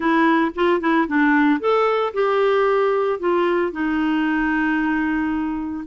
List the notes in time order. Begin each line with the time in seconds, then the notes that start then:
0.00 E4
0.55 F4
0.80 E4
1.07 D4
1.60 A4
2.13 G4
3.19 F4
3.72 D#4